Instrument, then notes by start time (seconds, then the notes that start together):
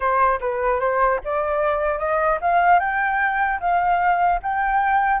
flute
0.00 C5
0.40 B4
0.80 C5
1.24 D5
1.99 D#5
2.41 F5
2.79 G5
3.60 F5
4.42 G5